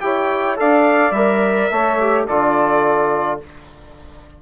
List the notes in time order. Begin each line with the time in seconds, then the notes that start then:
0.00 E4 G4 C#5 G5
0.56 D4 A4 D5 F5
1.11 G3 A#4 E5
1.70 A3 A4 C#5
2.00 G4
2.24 D3 F4 A4 D5